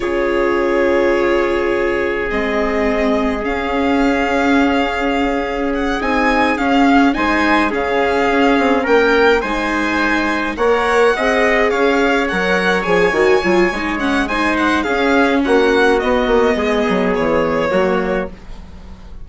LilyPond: <<
  \new Staff \with { instrumentName = "violin" } { \time 4/4 \tempo 4 = 105 cis''1 | dis''2 f''2~ | f''2 fis''8 gis''4 f''8~ | f''8 gis''4 f''2 g''8~ |
g''8 gis''2 fis''4.~ | fis''8 f''4 fis''4 gis''4.~ | gis''8 fis''8 gis''8 fis''8 f''4 fis''4 | dis''2 cis''2 | }
  \new Staff \with { instrumentName = "trumpet" } { \time 4/4 gis'1~ | gis'1~ | gis'1~ | gis'8 c''4 gis'2 ais'8~ |
ais'8 c''2 cis''4 dis''8~ | dis''8 cis''2.~ cis''8~ | cis''4 c''4 gis'4 fis'4~ | fis'4 gis'2 fis'4 | }
  \new Staff \with { instrumentName = "viola" } { \time 4/4 f'1 | c'2 cis'2~ | cis'2~ cis'8 dis'4 cis'8~ | cis'8 dis'4 cis'2~ cis'8~ |
cis'8 dis'2 ais'4 gis'8~ | gis'4. ais'4 gis'8 fis'8 f'8 | dis'8 cis'8 dis'4 cis'2 | b2. ais4 | }
  \new Staff \with { instrumentName = "bassoon" } { \time 4/4 cis1 | gis2 cis'2~ | cis'2~ cis'8 c'4 cis'8~ | cis'8 gis4 cis4 cis'8 c'8 ais8~ |
ais8 gis2 ais4 c'8~ | c'8 cis'4 fis4 f8 dis8 fis8 | gis2 cis'4 ais4 | b8 ais8 gis8 fis8 e4 fis4 | }
>>